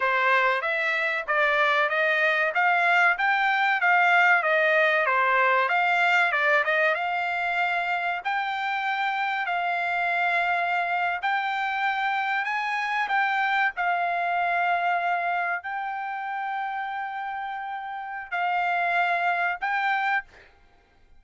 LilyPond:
\new Staff \with { instrumentName = "trumpet" } { \time 4/4 \tempo 4 = 95 c''4 e''4 d''4 dis''4 | f''4 g''4 f''4 dis''4 | c''4 f''4 d''8 dis''8 f''4~ | f''4 g''2 f''4~ |
f''4.~ f''16 g''2 gis''16~ | gis''8. g''4 f''2~ f''16~ | f''8. g''2.~ g''16~ | g''4 f''2 g''4 | }